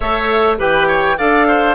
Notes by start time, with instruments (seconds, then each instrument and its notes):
0.00 bassoon A3, clarinet A4, oboe C#5, flute E5
0.57 bassoon E3, clarinet G4, oboe B4, flute G5
0.87 oboe C#5
1.17 bassoon D4, clarinet A4, oboe D5, flute F5
1.47 oboe C5